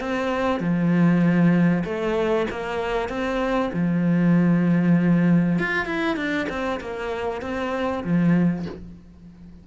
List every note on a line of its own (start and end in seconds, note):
0.00 0.60 C4
0.60 1.84 F3
1.85 2.47 A3
2.51 3.09 A#3
3.09 3.71 C4
3.73 5.59 F3
5.59 5.86 F4
5.86 6.17 E4
6.17 6.48 D4
6.49 6.80 C4
6.81 7.42 A#3
7.42 8.04 C4
8.04 8.66 F3